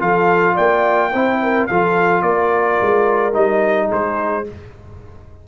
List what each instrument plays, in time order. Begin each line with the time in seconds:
0.00 tuba F3, trombone F4, horn A4, trumpet F5
0.55 tuba A#3, horn D5, trumpet G5
1.12 tuba C4, trombone E4, horn C5
1.43 horn A#4
1.67 tuba F3, trombone F4, horn A4, trumpet F5
2.22 tuba A#3, horn A#4, trumpet D5
2.82 tuba G#3
3.33 tuba G3, trombone D#4, trumpet D#5
3.88 tuba G#3, horn G#4, trumpet C5